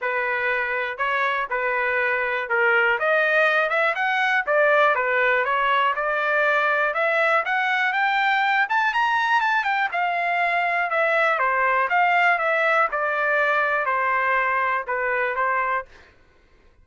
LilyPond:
\new Staff \with { instrumentName = "trumpet" } { \time 4/4 \tempo 4 = 121 b'2 cis''4 b'4~ | b'4 ais'4 dis''4. e''8 | fis''4 d''4 b'4 cis''4 | d''2 e''4 fis''4 |
g''4. a''8 ais''4 a''8 g''8 | f''2 e''4 c''4 | f''4 e''4 d''2 | c''2 b'4 c''4 | }